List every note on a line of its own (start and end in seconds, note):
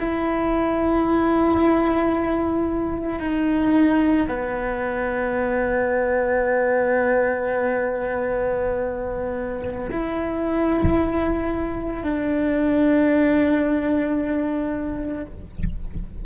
0.00 3.20 E4
3.20 4.27 D#4
4.28 9.91 B3
9.91 12.03 E4
12.03 15.25 D4